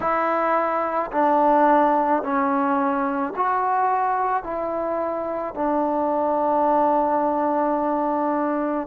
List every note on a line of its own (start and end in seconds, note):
0.00 1.11 E4
1.11 2.22 D4
2.22 3.33 C#4
3.36 4.43 F#4
4.43 5.54 E4
5.54 8.87 D4